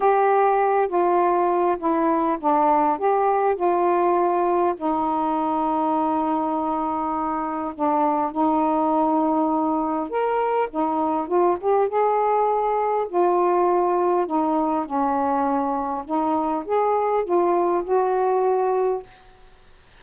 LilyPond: \new Staff \with { instrumentName = "saxophone" } { \time 4/4 \tempo 4 = 101 g'4. f'4. e'4 | d'4 g'4 f'2 | dis'1~ | dis'4 d'4 dis'2~ |
dis'4 ais'4 dis'4 f'8 g'8 | gis'2 f'2 | dis'4 cis'2 dis'4 | gis'4 f'4 fis'2 | }